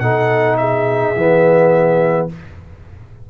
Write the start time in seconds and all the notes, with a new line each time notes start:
0.00 B2 D#4 A4 F#5
0.58 G#4 E5
1.16 E3 B3